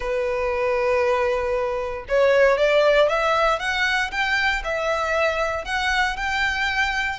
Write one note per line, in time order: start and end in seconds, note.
0.00 2.05 B4
2.08 2.58 C#5
2.58 3.08 D5
3.08 3.59 E5
3.59 4.10 F#5
4.11 4.62 G5
4.63 5.65 E5
5.65 6.16 F#5
6.16 7.19 G5